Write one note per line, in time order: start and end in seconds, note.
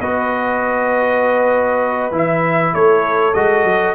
0.00 2.11 B3
0.00 2.12 F#4
0.00 2.75 B4
0.00 2.13 D#5
2.11 2.72 E3
2.11 3.33 E4
2.11 2.74 E5
2.74 3.34 A3
2.74 3.94 A4
2.74 3.34 C#5
3.34 3.64 G#3
3.34 3.94 F#4
3.34 3.94 D#5
3.64 3.94 F#3